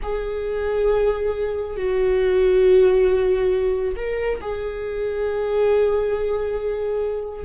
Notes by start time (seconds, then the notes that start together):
0.02 G#4
1.76 F#4
3.96 A#4
4.41 G#4